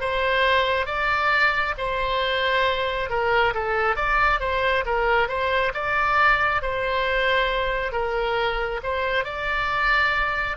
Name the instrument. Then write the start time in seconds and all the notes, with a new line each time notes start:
oboe
0.00 C5
0.86 D5
1.77 C5
3.09 A#4
3.54 A4
3.95 D5
4.40 C5
4.85 A#4
5.28 C5
5.74 D5
6.62 C5
7.92 A#4
8.83 C5
9.24 D5